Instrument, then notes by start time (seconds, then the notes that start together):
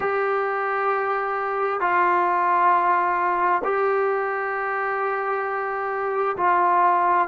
trombone
0.00 G4
1.80 F4
3.64 G4
6.36 F4